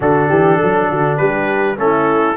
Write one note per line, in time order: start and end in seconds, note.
0.00 0.30 D3
0.00 1.76 D4
0.00 0.28 F#4
0.00 1.17 A4
0.28 0.59 E3
0.28 0.56 G4
0.56 0.86 A4
0.62 0.91 F#3
0.91 1.20 D3
0.91 1.17 F#4
1.17 1.77 G3
1.17 1.76 G4
1.17 1.76 B4
1.76 2.37 A3
1.76 2.36 C#4
1.76 2.37 E4
1.76 2.37 A4